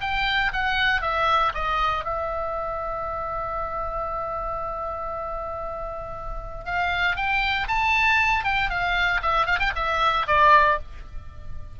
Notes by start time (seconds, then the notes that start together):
0.00 G5
0.52 F#5
1.01 E5
1.54 D#5
2.04 E5
6.65 F5
7.16 G5
7.67 A5
8.44 G5
8.69 F5
9.22 E5
9.46 F5
9.59 G5
9.75 E5
10.27 D5